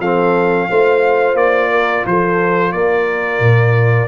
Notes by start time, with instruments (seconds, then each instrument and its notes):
0.00 tuba F3, trombone C4, horn A4, trumpet F5
0.70 tuba A3, trombone F4, horn C5
1.34 tuba A#3, trumpet D5
1.71 horn A#4
2.06 tuba F3, horn A4, trumpet C5
2.73 tuba A#3, horn A#4, trumpet D5
3.40 tuba A#2